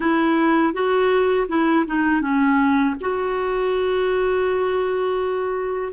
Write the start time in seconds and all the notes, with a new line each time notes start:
0.00 E4
0.73 F#4
1.48 E4
1.86 D#4
2.21 C#4
3.00 F#4